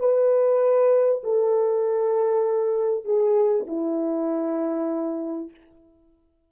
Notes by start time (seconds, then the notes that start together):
0.00 B4
1.24 A4
3.05 G#4
3.67 E4